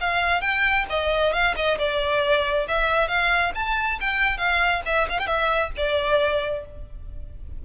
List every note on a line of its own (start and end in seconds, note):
0.00 0.41 F5
0.41 0.85 G5
0.89 1.32 D#5
1.32 1.54 F5
1.56 1.78 D#5
1.78 2.66 D5
2.68 3.07 E5
3.07 3.52 F5
3.55 3.99 A5
4.00 4.37 G5
4.37 4.81 F5
4.85 5.07 E5
5.09 5.19 F5
5.19 5.26 G5
5.26 5.70 E5
5.76 6.65 D5